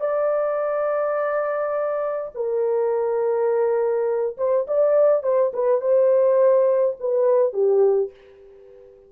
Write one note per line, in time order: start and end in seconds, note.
0.00 2.31 D5
2.34 4.36 A#4
4.37 4.66 C5
4.67 5.23 D5
5.23 5.52 C5
5.53 5.81 B4
5.81 6.96 C5
7.00 7.53 B4
7.53 8.11 G4